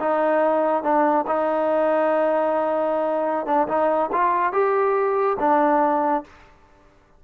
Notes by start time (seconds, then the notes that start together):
0.00 D#4
0.83 D4
1.27 D#4
3.46 D4
3.68 D#4
4.12 F4
4.53 G4
5.39 D4